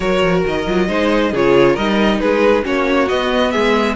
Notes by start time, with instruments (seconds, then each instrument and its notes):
0.00 cello F#3, viola F#4, violin A#4 C#5
0.22 cello F3
0.45 cello D#3, violin D#5
0.66 cello F#3, viola F4
0.87 cello G#3, viola D#4, violin C5
1.32 cello C#3, viola F4, violin G#4 C#5
1.73 cello G3, viola D#4, violin A#4 D#5
2.19 cello G#3, violin G#4 B4
2.63 cello A#3, viola C#4, violin F#4 C#5
3.08 cello B3, viola B3, violin D#5
3.50 cello G#3, violin G#4 E5